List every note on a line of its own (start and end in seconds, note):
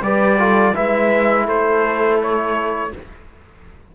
0.00 0.72 G3
0.00 0.39 G4
0.00 0.39 B4
0.00 0.75 D5
0.39 0.74 F4
0.39 0.75 A4
0.74 1.47 G#3
0.74 2.91 E4
0.74 1.44 B4
0.74 1.48 E5
1.44 2.92 A3
1.44 2.89 A4
1.44 2.20 C5
2.22 2.95 C#5